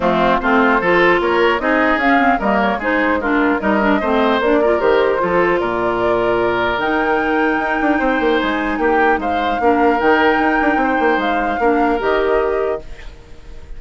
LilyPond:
<<
  \new Staff \with { instrumentName = "flute" } { \time 4/4 \tempo 4 = 150 f'4 c''2 cis''4 | dis''4 f''4 dis''8 cis''8 c''4 | ais'4 dis''2 d''4 | c''2 d''2~ |
d''4 g''2.~ | g''4 gis''4 g''4 f''4~ | f''4 g''2. | f''2 dis''2 | }
  \new Staff \with { instrumentName = "oboe" } { \time 4/4 c'4 f'4 a'4 ais'4 | gis'2 ais'4 gis'4 | f'4 ais'4 c''4. ais'8~ | ais'4 a'4 ais'2~ |
ais'1 | c''2 g'4 c''4 | ais'2. c''4~ | c''4 ais'2. | }
  \new Staff \with { instrumentName = "clarinet" } { \time 4/4 a4 c'4 f'2 | dis'4 cis'8 c'8 ais4 dis'4 | d'4 dis'8 d'8 c'4 d'8 f'8 | g'4 f'2.~ |
f'4 dis'2.~ | dis'1 | d'4 dis'2.~ | dis'4 d'4 g'2 | }
  \new Staff \with { instrumentName = "bassoon" } { \time 4/4 f4 a4 f4 ais4 | c'4 cis'4 g4 gis4~ | gis4 g4 a4 ais4 | dis4 f4 ais,2~ |
ais,4 dis2 dis'8 d'8 | c'8 ais8 gis4 ais4 gis4 | ais4 dis4 dis'8 d'8 c'8 ais8 | gis4 ais4 dis2 | }
>>